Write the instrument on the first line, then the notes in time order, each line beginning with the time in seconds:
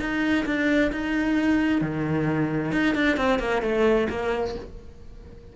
cello
0.00 D#4
0.46 D4
0.92 D#4
1.82 D#3
2.72 D#4
2.95 D4
3.17 C4
3.40 A#3
3.62 A3
4.10 A#3